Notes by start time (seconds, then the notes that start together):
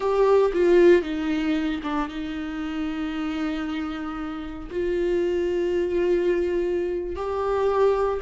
0.00 G4
0.53 F4
1.02 D#4
1.83 D4
2.08 D#4
4.70 F4
7.15 G4